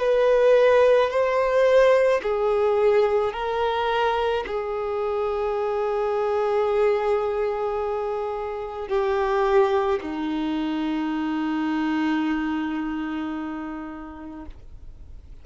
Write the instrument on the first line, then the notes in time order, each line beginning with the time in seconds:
violin
0.00 B4
1.11 C5
2.23 G#4
3.34 A#4
4.47 G#4
8.88 G4
10.02 D#4